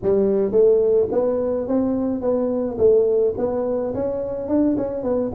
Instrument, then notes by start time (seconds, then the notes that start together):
tuba
0.02 G3
0.51 A3
1.11 B3
1.67 C4
2.21 B3
2.78 A3
3.37 B3
3.94 C#4
4.48 D4
4.77 C#4
5.03 B3